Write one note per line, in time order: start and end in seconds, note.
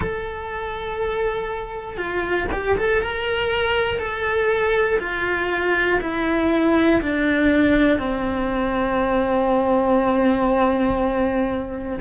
0.00 1.97 A4
1.97 2.47 F4
2.52 2.77 G4
2.77 3.01 A4
3.01 3.98 A#4
3.98 4.98 A4
5.00 6.00 F4
6.00 7.00 E4
7.01 7.99 D4
7.99 11.99 C4